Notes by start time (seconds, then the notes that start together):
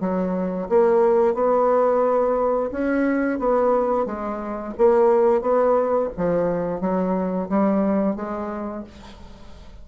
0.00 F#3
0.69 A#3
1.34 B3
2.71 C#4
3.39 B3
4.06 G#3
4.78 A#3
5.41 B3
6.17 F3
6.81 F#3
7.49 G3
8.15 G#3